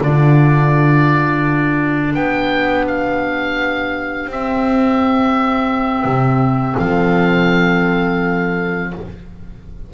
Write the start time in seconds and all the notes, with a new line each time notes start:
0.00 D3 D4 F4 D5
2.14 B3 G4 G5
2.87 F5
4.26 C4 E5
6.04 C3
6.76 F3 A4 F5